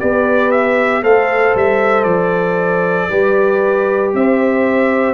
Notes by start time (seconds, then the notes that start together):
0.00 B3 G4 B4 D5
0.52 E5
1.03 A3 A4 C5 F5
1.55 G3 E5
2.04 F3 D5
3.10 G3 G4 B4
4.14 C4 C5 E5